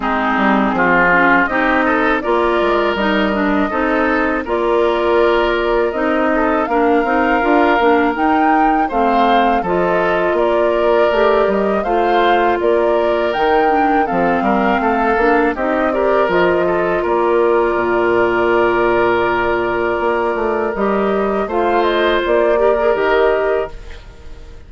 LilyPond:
<<
  \new Staff \with { instrumentName = "flute" } { \time 4/4 \tempo 4 = 81 gis'2 dis''4 d''4 | dis''2 d''2 | dis''4 f''2 g''4 | f''4 dis''4 d''4. dis''8 |
f''4 d''4 g''4 f''4~ | f''4 dis''8 d''8 dis''4 d''4~ | d''1 | dis''4 f''8 dis''8 d''4 dis''4 | }
  \new Staff \with { instrumentName = "oboe" } { \time 4/4 dis'4 f'4 g'8 a'8 ais'4~ | ais'4 a'4 ais'2~ | ais'8 a'8 ais'2. | c''4 a'4 ais'2 |
c''4 ais'2 a'8 ais'8 | a'4 g'8 ais'4 a'8 ais'4~ | ais'1~ | ais'4 c''4. ais'4. | }
  \new Staff \with { instrumentName = "clarinet" } { \time 4/4 c'4. cis'8 dis'4 f'4 | dis'8 d'8 dis'4 f'2 | dis'4 d'8 dis'8 f'8 d'8 dis'4 | c'4 f'2 g'4 |
f'2 dis'8 d'8 c'4~ | c'8 d'8 dis'8 g'8 f'2~ | f'1 | g'4 f'4. g'16 gis'16 g'4 | }
  \new Staff \with { instrumentName = "bassoon" } { \time 4/4 gis8 g8 f4 c'4 ais8 gis8 | g4 c'4 ais2 | c'4 ais8 c'8 d'8 ais8 dis'4 | a4 f4 ais4 a8 g8 |
a4 ais4 dis4 f8 g8 | a8 ais8 c'4 f4 ais4 | ais,2. ais8 a8 | g4 a4 ais4 dis4 | }
>>